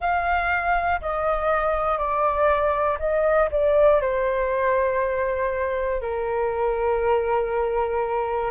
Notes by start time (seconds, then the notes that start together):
0.00 F5
1.00 D#5
1.97 D5
2.99 D#5
3.51 D5
4.01 C5
6.01 A#4